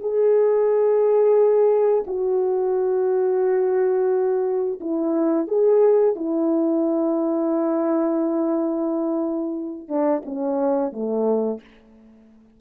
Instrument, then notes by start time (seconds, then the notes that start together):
horn
0.00 G#4
2.07 F#4
4.80 E4
5.48 G#4
6.15 E4
9.89 D4
10.26 C#4
10.92 A3